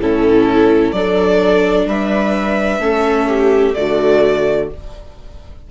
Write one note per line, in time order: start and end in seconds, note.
0.00 0.93 A2
0.00 0.96 C#4
0.00 0.95 E4
0.00 0.92 A4
0.92 1.86 F#3
0.92 2.81 D4
0.92 1.88 A4
0.92 1.86 D5
1.86 2.79 G3
1.86 2.82 B4
1.86 3.74 E5
2.79 3.73 A3
2.79 3.75 C#4
2.79 3.29 A4
3.29 3.76 G4
3.74 4.71 D3
3.74 4.70 A3
3.74 4.71 F#4
3.74 4.68 D5